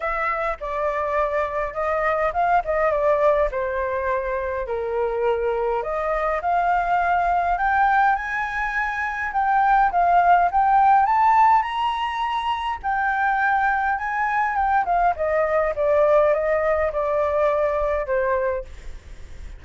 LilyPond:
\new Staff \with { instrumentName = "flute" } { \time 4/4 \tempo 4 = 103 e''4 d''2 dis''4 | f''8 dis''8 d''4 c''2 | ais'2 dis''4 f''4~ | f''4 g''4 gis''2 |
g''4 f''4 g''4 a''4 | ais''2 g''2 | gis''4 g''8 f''8 dis''4 d''4 | dis''4 d''2 c''4 | }